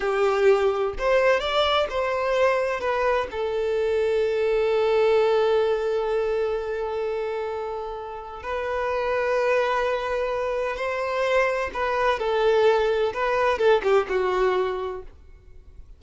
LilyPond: \new Staff \with { instrumentName = "violin" } { \time 4/4 \tempo 4 = 128 g'2 c''4 d''4 | c''2 b'4 a'4~ | a'1~ | a'1~ |
a'2 b'2~ | b'2. c''4~ | c''4 b'4 a'2 | b'4 a'8 g'8 fis'2 | }